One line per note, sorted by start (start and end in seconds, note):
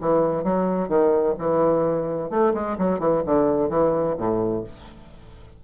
0.00 0.43 E3
0.43 0.88 F#3
0.88 1.34 D#3
1.38 2.30 E3
2.30 2.53 A3
2.53 2.77 G#3
2.78 2.99 F#3
2.99 3.22 E3
3.25 3.69 D3
3.69 4.15 E3
4.17 4.63 A2